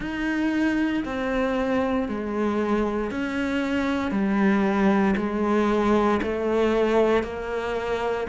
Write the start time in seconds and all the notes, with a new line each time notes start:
0.00 D#4
1.04 C4
2.08 G#3
3.10 C#4
4.11 G3
5.16 G#3
6.22 A3
7.23 A#3